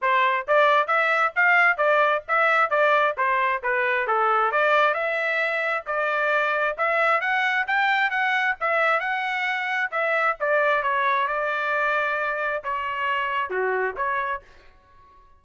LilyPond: \new Staff \with { instrumentName = "trumpet" } { \time 4/4 \tempo 4 = 133 c''4 d''4 e''4 f''4 | d''4 e''4 d''4 c''4 | b'4 a'4 d''4 e''4~ | e''4 d''2 e''4 |
fis''4 g''4 fis''4 e''4 | fis''2 e''4 d''4 | cis''4 d''2. | cis''2 fis'4 cis''4 | }